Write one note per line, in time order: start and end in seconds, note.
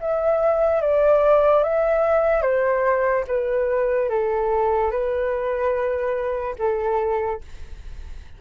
0.00 0.81 E5
0.81 1.63 D5
1.63 2.42 E5
2.42 3.24 C5
3.27 4.09 B4
4.09 4.91 A4
4.91 6.55 B4
6.58 7.40 A4